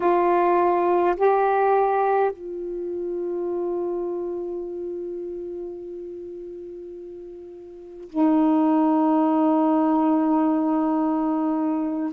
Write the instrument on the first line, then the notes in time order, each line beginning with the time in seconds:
saxophone
0.00 F4
1.16 G4
2.31 F4
8.09 D#4